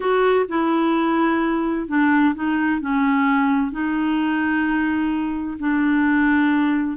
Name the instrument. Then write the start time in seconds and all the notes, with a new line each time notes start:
clarinet
0.00 F#4
0.48 E4
1.87 D4
2.34 D#4
2.80 C#4
3.71 D#4
5.59 D4